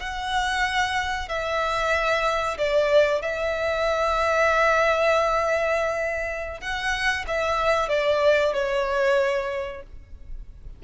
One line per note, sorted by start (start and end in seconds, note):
0.00 1.28 F#5
1.28 2.57 E5
2.58 3.22 D5
3.22 6.60 E5
6.60 7.25 F#5
7.28 7.89 E5
7.89 8.53 D5
8.53 9.82 C#5